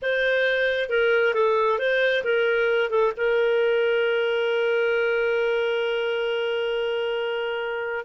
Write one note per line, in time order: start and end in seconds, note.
0.01 0.89 C5
0.89 1.34 A#4
1.34 1.78 A4
1.78 2.23 C5
2.24 2.90 A#4
2.90 3.12 A4
3.16 8.05 A#4